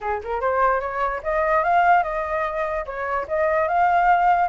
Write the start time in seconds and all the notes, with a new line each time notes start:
0.00 G#4
0.23 A#4
0.40 C5
0.80 C#5
1.23 D#5
1.63 F5
2.03 D#5
2.85 C#5
3.28 D#5
3.68 F5